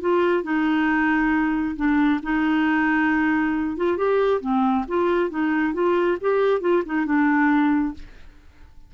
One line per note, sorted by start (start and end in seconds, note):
0.00 0.43 F4
0.43 1.75 D#4
1.76 2.20 D4
2.23 3.77 D#4
3.77 3.97 F4
3.97 4.41 G4
4.41 4.85 C4
4.88 5.30 F4
5.30 5.73 D#4
5.73 6.17 F4
6.20 6.61 G4
6.61 6.83 F4
6.85 7.05 D#4
7.05 7.94 D4